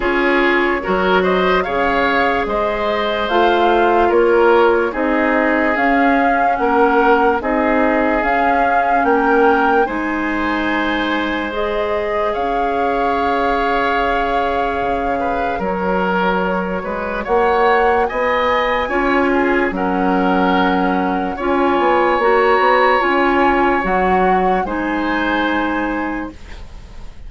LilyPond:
<<
  \new Staff \with { instrumentName = "flute" } { \time 4/4 \tempo 4 = 73 cis''4. dis''8 f''4 dis''4 | f''4 cis''4 dis''4 f''4 | fis''4 dis''4 f''4 g''4 | gis''2 dis''4 f''4~ |
f''2. cis''4~ | cis''4 fis''4 gis''2 | fis''2 gis''4 ais''4 | gis''4 fis''4 gis''2 | }
  \new Staff \with { instrumentName = "oboe" } { \time 4/4 gis'4 ais'8 c''8 cis''4 c''4~ | c''4 ais'4 gis'2 | ais'4 gis'2 ais'4 | c''2. cis''4~ |
cis''2~ cis''8 b'8 ais'4~ | ais'8 b'8 cis''4 dis''4 cis''8 gis'8 | ais'2 cis''2~ | cis''2 c''2 | }
  \new Staff \with { instrumentName = "clarinet" } { \time 4/4 f'4 fis'4 gis'2 | f'2 dis'4 cis'4~ | cis'4 dis'4 cis'2 | dis'2 gis'2~ |
gis'2. fis'4~ | fis'2. f'4 | cis'2 f'4 fis'4 | f'4 fis'4 dis'2 | }
  \new Staff \with { instrumentName = "bassoon" } { \time 4/4 cis'4 fis4 cis4 gis4 | a4 ais4 c'4 cis'4 | ais4 c'4 cis'4 ais4 | gis2. cis'4~ |
cis'2 cis4 fis4~ | fis8 gis8 ais4 b4 cis'4 | fis2 cis'8 b8 ais8 b8 | cis'4 fis4 gis2 | }
>>